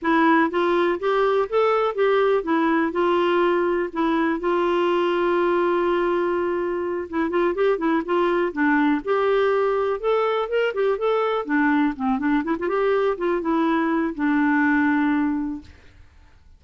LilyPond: \new Staff \with { instrumentName = "clarinet" } { \time 4/4 \tempo 4 = 123 e'4 f'4 g'4 a'4 | g'4 e'4 f'2 | e'4 f'2.~ | f'2~ f'8 e'8 f'8 g'8 |
e'8 f'4 d'4 g'4.~ | g'8 a'4 ais'8 g'8 a'4 d'8~ | d'8 c'8 d'8 e'16 f'16 g'4 f'8 e'8~ | e'4 d'2. | }